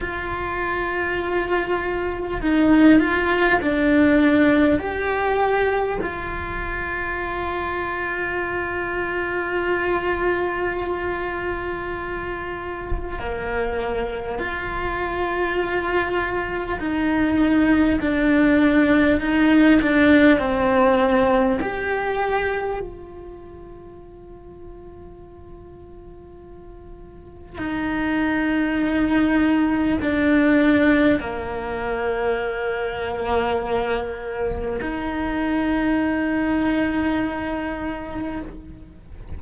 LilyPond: \new Staff \with { instrumentName = "cello" } { \time 4/4 \tempo 4 = 50 f'2 dis'8 f'8 d'4 | g'4 f'2.~ | f'2. ais4 | f'2 dis'4 d'4 |
dis'8 d'8 c'4 g'4 f'4~ | f'2. dis'4~ | dis'4 d'4 ais2~ | ais4 dis'2. | }